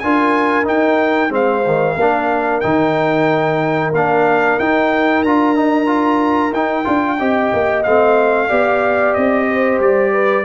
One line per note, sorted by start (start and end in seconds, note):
0.00 0.67 D4
0.00 0.65 F4
0.00 1.33 A#4
0.00 0.65 G#5
0.65 1.30 D#4
0.65 1.33 G5
1.30 1.95 G#3
1.30 1.63 C4
1.30 1.96 C5
1.30 2.61 F5
1.67 1.99 D#3
1.96 2.62 A#3
1.96 2.63 D4
1.96 7.18 A#4
2.61 3.92 D#3
2.61 3.93 D#4
2.61 3.91 G5
3.92 4.58 A#3
3.92 4.61 D4
3.92 4.60 F5
4.60 5.24 D#4
4.60 5.26 D#4
4.60 5.23 G5
5.23 6.52 D4
5.23 5.56 F4
5.23 6.54 A#5
5.56 5.87 D#4
5.87 6.52 F4
6.52 6.85 D#4
6.52 7.84 G5
6.85 7.20 D4
6.85 7.17 F4
7.19 7.53 C4
7.19 7.85 G4
7.19 8.49 D#5
7.54 7.86 A#3
7.84 8.51 A3
7.84 8.49 C4
7.84 9.14 F5
8.49 9.16 B3
8.49 10.45 G4
8.49 9.47 D5
9.14 9.80 C4
9.14 9.79 D#5
9.48 10.13 C5
9.80 10.45 G3
9.80 10.46 D5
10.13 10.46 B4